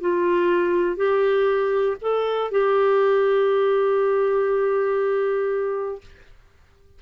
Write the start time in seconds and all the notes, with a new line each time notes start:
0.00 F4
0.96 G4
2.00 A4
2.50 G4